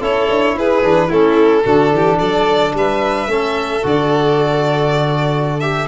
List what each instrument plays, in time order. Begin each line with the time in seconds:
0.00 tuba C#4, trombone E4, violin A4 C#5
0.29 tuba D4
0.55 tuba E4, violin G#4 B4
0.82 tuba E3, trombone D4
1.08 tuba A3, trombone C#4, violin E4 A4
1.65 tuba D3, trombone D4, violin F#4
1.92 tuba E3, violin G4
2.18 tuba F#3, violin A4 D5
2.74 tuba G3, violin B4 E5
3.27 tuba A3, trombone C#4, violin A4
3.83 tuba D3, trombone F#4, violin D5
5.60 trombone G4, violin E5